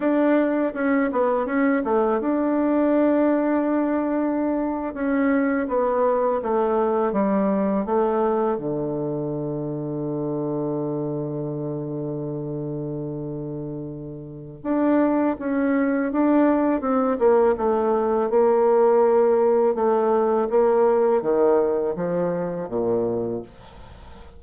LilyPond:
\new Staff \with { instrumentName = "bassoon" } { \time 4/4 \tempo 4 = 82 d'4 cis'8 b8 cis'8 a8 d'4~ | d'2~ d'8. cis'4 b16~ | b8. a4 g4 a4 d16~ | d1~ |
d1 | d'4 cis'4 d'4 c'8 ais8 | a4 ais2 a4 | ais4 dis4 f4 ais,4 | }